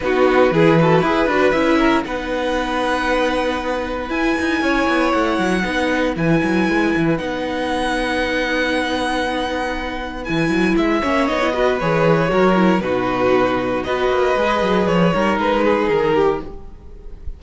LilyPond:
<<
  \new Staff \with { instrumentName = "violin" } { \time 4/4 \tempo 4 = 117 b'2. e''4 | fis''1 | gis''2 fis''2 | gis''2 fis''2~ |
fis''1 | gis''4 e''4 dis''4 cis''4~ | cis''4 b'2 dis''4~ | dis''4 cis''4 b'4 ais'4 | }
  \new Staff \with { instrumentName = "violin" } { \time 4/4 fis'4 gis'8 a'8 b'4. ais'8 | b'1~ | b'4 cis''2 b'4~ | b'1~ |
b'1~ | b'4. cis''4 b'4. | ais'4 fis'2 b'4~ | b'4. ais'4 gis'4 g'8 | }
  \new Staff \with { instrumentName = "viola" } { \time 4/4 dis'4 e'8 fis'8 gis'8 fis'8 e'4 | dis'1 | e'2. dis'4 | e'2 dis'2~ |
dis'1 | e'4. cis'8 dis'16 e'16 fis'8 gis'4 | fis'8 e'8 dis'2 fis'4 | gis'4. dis'2~ dis'8 | }
  \new Staff \with { instrumentName = "cello" } { \time 4/4 b4 e4 e'8 d'8 cis'4 | b1 | e'8 dis'8 cis'8 b8 a8 fis8 b4 | e8 fis8 gis8 e8 b2~ |
b1 | e8 fis8 gis8 ais8 b4 e4 | fis4 b,2 b8 ais8 | gis8 fis8 f8 g8 gis4 dis4 | }
>>